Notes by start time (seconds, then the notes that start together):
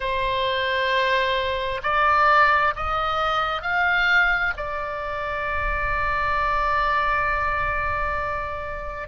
0.00 C5
1.83 D5
2.76 D#5
3.62 F5
4.56 D5